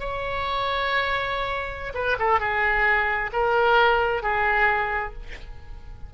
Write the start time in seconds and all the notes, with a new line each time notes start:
0.00 C#5
1.94 B4
2.19 A4
2.40 G#4
3.33 A#4
4.23 G#4